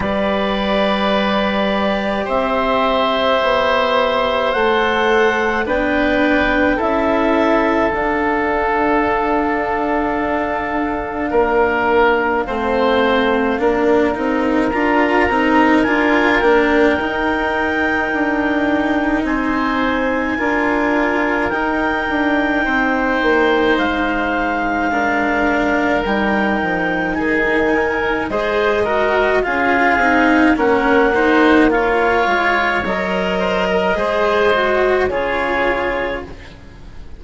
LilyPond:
<<
  \new Staff \with { instrumentName = "clarinet" } { \time 4/4 \tempo 4 = 53 d''2 e''2 | fis''4 g''4 e''4 f''4~ | f''1~ | f''4 ais''4 gis''8 g''4.~ |
g''4 gis''2 g''4~ | g''4 f''2 g''4 | gis''4 dis''4 f''4 fis''4 | f''4 dis''2 cis''4 | }
  \new Staff \with { instrumentName = "oboe" } { \time 4/4 b'2 c''2~ | c''4 b'4 a'2~ | a'2 ais'4 c''4 | ais'1~ |
ais'4 c''4 ais'2 | c''2 ais'2 | gis'8 ais'8 c''8 ais'8 gis'4 ais'8 c''8 | cis''4. c''16 ais'16 c''4 gis'4 | }
  \new Staff \with { instrumentName = "cello" } { \time 4/4 g'1 | a'4 d'4 e'4 d'4~ | d'2. c'4 | d'8 dis'8 f'8 dis'8 f'8 d'8 dis'4~ |
dis'2 f'4 dis'4~ | dis'2 d'4 dis'4~ | dis'4 gis'8 fis'8 f'8 dis'8 cis'8 dis'8 | f'4 ais'4 gis'8 fis'8 f'4 | }
  \new Staff \with { instrumentName = "bassoon" } { \time 4/4 g2 c'4 b4 | a4 b4 cis'4 d'4~ | d'2 ais4 a4 | ais8 c'8 d'8 c'8 d'8 ais8 dis'4 |
d'4 c'4 d'4 dis'8 d'8 | c'8 ais8 gis2 g8 f8 | dis4 gis4 cis'8 c'8 ais4~ | ais8 gis8 fis4 gis4 cis4 | }
>>